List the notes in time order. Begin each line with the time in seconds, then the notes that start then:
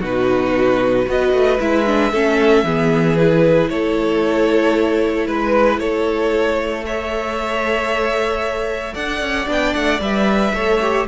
0.00 B2 D#4 F#4 B4
1.05 B3 F#4 B4 D#5
1.33 A3
1.60 G#3 E4 E5
1.86 D4
2.12 A3 C#4 A4
2.64 E3 B3 G#4
3.17 E4 B4
3.69 A3 A4 C#5
5.27 G#3 B4
5.78 A3 A4 C#5
6.84 A4 C#5 E5
8.94 D4 D5 F#5
9.21 C#4
9.47 B3 D4 G5
9.74 A3 F#5
10.00 G3 B4 E5
10.54 A3 A4 C#5
10.82 G4